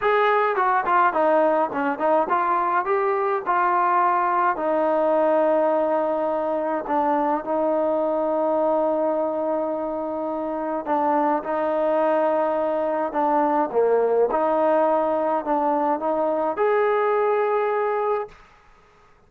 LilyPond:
\new Staff \with { instrumentName = "trombone" } { \time 4/4 \tempo 4 = 105 gis'4 fis'8 f'8 dis'4 cis'8 dis'8 | f'4 g'4 f'2 | dis'1 | d'4 dis'2.~ |
dis'2. d'4 | dis'2. d'4 | ais4 dis'2 d'4 | dis'4 gis'2. | }